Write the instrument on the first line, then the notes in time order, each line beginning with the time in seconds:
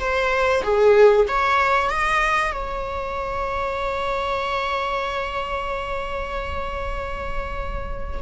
viola
0.00 C5
0.63 G#4
1.28 C#5
1.90 D#5
2.53 C#5